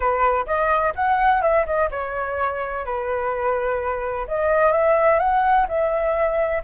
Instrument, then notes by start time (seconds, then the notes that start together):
flute
0.00 B4
0.46 D#5
0.95 F#5
1.42 E5
1.66 D#5
1.90 C#5
2.85 B4
4.27 D#5
4.72 E5
5.19 F#5
5.68 E5